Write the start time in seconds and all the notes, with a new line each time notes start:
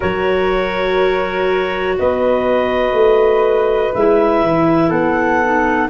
0.00 F#3 F#4 A#4 C#5
1.98 B3 B4 D#5
2.92 A3
3.94 G#3 E4 E5
4.41 E3
4.89 B3 A4 F#5
5.43 D#4